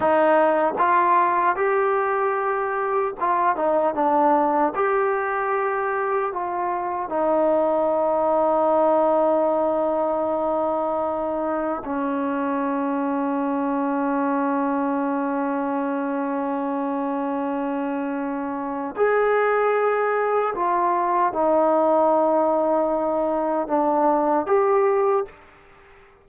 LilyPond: \new Staff \with { instrumentName = "trombone" } { \time 4/4 \tempo 4 = 76 dis'4 f'4 g'2 | f'8 dis'8 d'4 g'2 | f'4 dis'2.~ | dis'2. cis'4~ |
cis'1~ | cis'1 | gis'2 f'4 dis'4~ | dis'2 d'4 g'4 | }